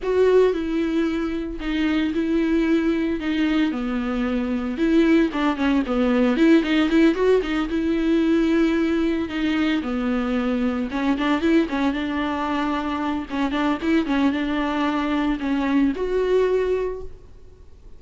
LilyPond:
\new Staff \with { instrumentName = "viola" } { \time 4/4 \tempo 4 = 113 fis'4 e'2 dis'4 | e'2 dis'4 b4~ | b4 e'4 d'8 cis'8 b4 | e'8 dis'8 e'8 fis'8 dis'8 e'4.~ |
e'4. dis'4 b4.~ | b8 cis'8 d'8 e'8 cis'8 d'4.~ | d'4 cis'8 d'8 e'8 cis'8 d'4~ | d'4 cis'4 fis'2 | }